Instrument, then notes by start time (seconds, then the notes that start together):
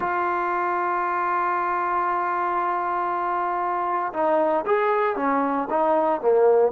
trombone
0.00 F4
4.13 D#4
4.66 G#4
5.16 C#4
5.70 D#4
6.21 A#3